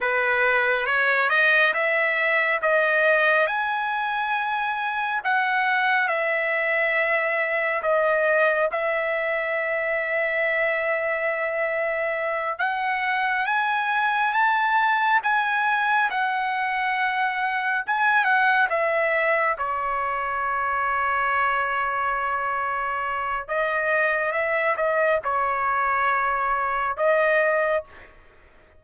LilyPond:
\new Staff \with { instrumentName = "trumpet" } { \time 4/4 \tempo 4 = 69 b'4 cis''8 dis''8 e''4 dis''4 | gis''2 fis''4 e''4~ | e''4 dis''4 e''2~ | e''2~ e''8 fis''4 gis''8~ |
gis''8 a''4 gis''4 fis''4.~ | fis''8 gis''8 fis''8 e''4 cis''4.~ | cis''2. dis''4 | e''8 dis''8 cis''2 dis''4 | }